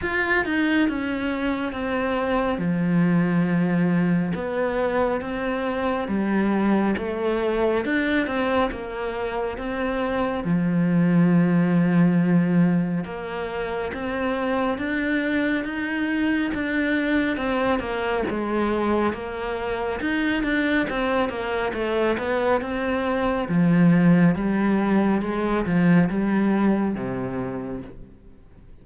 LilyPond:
\new Staff \with { instrumentName = "cello" } { \time 4/4 \tempo 4 = 69 f'8 dis'8 cis'4 c'4 f4~ | f4 b4 c'4 g4 | a4 d'8 c'8 ais4 c'4 | f2. ais4 |
c'4 d'4 dis'4 d'4 | c'8 ais8 gis4 ais4 dis'8 d'8 | c'8 ais8 a8 b8 c'4 f4 | g4 gis8 f8 g4 c4 | }